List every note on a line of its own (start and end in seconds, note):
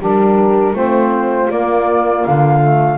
0.00 0.73 G3
0.00 0.74 D4
0.00 0.75 G4
0.00 0.76 A#4
0.73 1.48 A3
0.73 1.49 C4
0.73 2.98 F4
0.73 1.51 C5
1.50 2.25 A#3
1.50 2.61 A#3
1.50 2.25 D5
2.25 2.98 D3
2.25 2.98 F5
2.61 2.98 A3